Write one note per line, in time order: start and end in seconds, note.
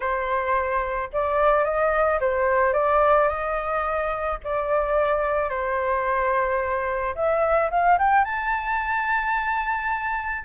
0.00 1.09 C5
1.12 1.64 D5
1.64 2.19 D#5
2.20 2.73 C5
2.73 3.28 D5
3.28 4.38 D#5
4.44 5.49 D5
5.49 7.14 C5
7.15 7.70 E5
7.70 7.98 F5
7.98 8.24 G5
8.24 10.44 A5